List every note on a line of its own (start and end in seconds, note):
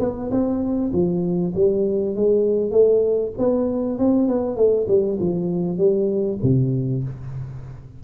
0.00 0.30 B3
0.31 0.91 C4
0.93 1.53 F3
1.55 2.16 G3
2.16 2.71 G#3
2.71 3.32 A3
3.38 3.99 B3
3.99 4.28 C4
4.28 4.56 B3
4.56 4.87 A3
4.88 5.18 G3
5.20 5.78 F3
5.78 6.38 G3
6.43 7.04 C3